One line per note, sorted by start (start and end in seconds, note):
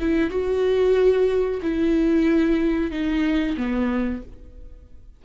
0.00 0.30 E4
0.30 1.60 F#4
1.62 2.91 E4
2.91 3.56 D#4
3.57 4.22 B3